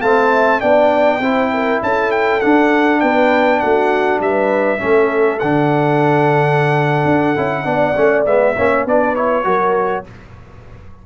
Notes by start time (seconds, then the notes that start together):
0.00 A3 C4 F5 A5
0.30 E5
0.60 B3 D4 D5 G5
1.20 C4 E4 C5
1.53 A#4
1.82 C#4 A4 A5
2.11 G5
2.40 D4 F#5
3.00 B3 B4 G5
3.59 A3 F#4 F#5
4.20 G3 B4 E5
4.78 A3 C#4 A4
5.39 D3 D4 F#5
7.04 D4
7.36 C#4 E4
7.63 B3 D4 D5
7.95 A3 C#4
8.25 G#3 B3 E5
8.56 A#3 C#4 C#5
8.85 B3 D4 B4 D5
9.15 E4 C#5
9.44 F#3 F#4 A#4